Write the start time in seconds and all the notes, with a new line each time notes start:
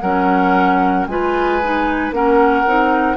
0.00 F#3 C#4 A#4 F#5
1.06 G#3 F4 B4 G#5
1.62 D#4
2.11 A#3 C#4 A#4 F#5
2.66 C4 D#4